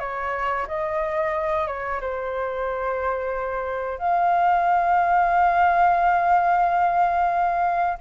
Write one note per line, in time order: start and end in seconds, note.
0.00 0.67 C#5
0.68 1.67 D#5
1.67 2.01 C#5
2.01 3.98 C5
3.98 7.98 F5